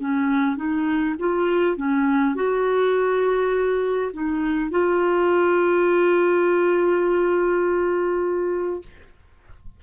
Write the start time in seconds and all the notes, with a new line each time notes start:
0.00 C#4
0.57 D#4
1.19 F4
1.77 C#4
2.35 F#4
4.13 D#4
4.71 F4